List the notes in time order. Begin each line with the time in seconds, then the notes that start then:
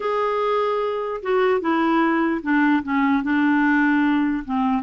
0.00 G#4
1.22 F#4
1.60 E4
2.42 D4
2.83 C#4
3.23 D4
4.44 C4